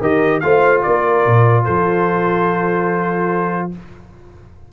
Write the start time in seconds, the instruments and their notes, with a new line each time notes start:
0.00 tuba D#3, trombone G4, horn A#4, trumpet D#5
0.40 tuba A3, trombone F4, horn C5, trumpet F5
0.83 tuba A#3, horn A#4, trumpet D5
1.26 tuba A#2
1.64 tuba F3, horn A4, trumpet C5